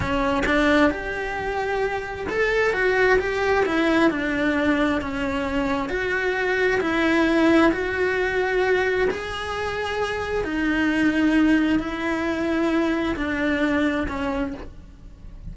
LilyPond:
\new Staff \with { instrumentName = "cello" } { \time 4/4 \tempo 4 = 132 cis'4 d'4 g'2~ | g'4 a'4 fis'4 g'4 | e'4 d'2 cis'4~ | cis'4 fis'2 e'4~ |
e'4 fis'2. | gis'2. dis'4~ | dis'2 e'2~ | e'4 d'2 cis'4 | }